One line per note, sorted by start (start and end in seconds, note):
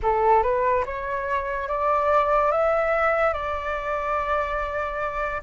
0.02 0.42 A4
0.42 0.84 B4
0.85 1.68 C#5
1.68 2.51 D5
2.51 3.33 E5
3.33 5.41 D5